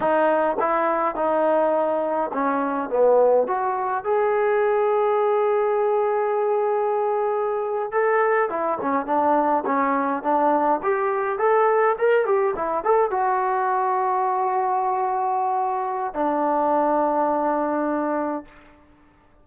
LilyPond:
\new Staff \with { instrumentName = "trombone" } { \time 4/4 \tempo 4 = 104 dis'4 e'4 dis'2 | cis'4 b4 fis'4 gis'4~ | gis'1~ | gis'4.~ gis'16 a'4 e'8 cis'8 d'16~ |
d'8. cis'4 d'4 g'4 a'16~ | a'8. ais'8 g'8 e'8 a'8 fis'4~ fis'16~ | fis'1 | d'1 | }